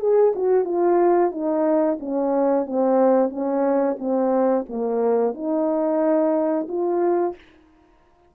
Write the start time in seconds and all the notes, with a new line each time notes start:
0.00 G#4
0.35 F#4
0.65 F4
1.31 D#4
2.00 C#4
2.66 C4
3.30 C#4
3.99 C4
4.69 A#3
5.34 D#4
6.68 F4